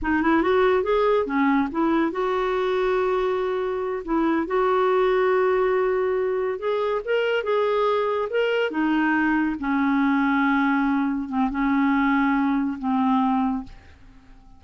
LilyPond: \new Staff \with { instrumentName = "clarinet" } { \time 4/4 \tempo 4 = 141 dis'8 e'8 fis'4 gis'4 cis'4 | e'4 fis'2.~ | fis'4. e'4 fis'4.~ | fis'2.~ fis'8 gis'8~ |
gis'8 ais'4 gis'2 ais'8~ | ais'8 dis'2 cis'4.~ | cis'2~ cis'8 c'8 cis'4~ | cis'2 c'2 | }